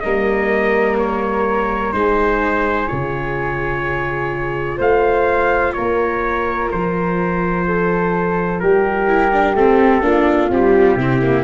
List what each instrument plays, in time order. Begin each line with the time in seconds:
0.00 tuba G3, viola A#3, flute A#4, trumpet D#5
0.98 trumpet C#5
1.93 tuba G#3, viola D#4, flute G#4, trumpet C5
2.87 tuba C#3, viola F4, trumpet C#5
4.77 tuba A3, flute C5, trumpet F5
5.73 tuba A#3, flute A#4, trumpet C#5
6.71 tuba F3, trumpet C5
7.67 flute A4
8.60 tuba G3, flute G4, trumpet A#4
9.07 viola E4
9.32 viola D4
9.54 tuba A3, viola C4, trumpet A4
10.02 tuba A#3, viola D4, flute F4
10.50 viola G3, tuba C4, trumpet G4
10.95 tuba C3, viola C4, flute E4
11.22 viola A#3